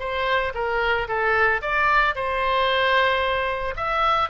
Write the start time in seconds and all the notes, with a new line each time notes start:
0.00 C5
0.55 A#4
1.09 A4
1.62 D5
2.16 C5
3.77 E5